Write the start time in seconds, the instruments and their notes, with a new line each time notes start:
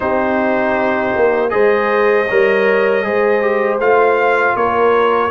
0.00 tuba C4, trombone D#4, horn G4, trumpet C5
1.16 tuba A#3
1.49 tuba G#3, trombone G#4, horn C5, trumpet D#5
2.27 tuba G3, trombone A#4, horn C#5
3.03 tuba G#3, trombone G#4, horn C5
3.41 trombone G4
3.79 tuba A3, trombone F4, trumpet F5
4.55 tuba A#3, horn A#4, trumpet C#5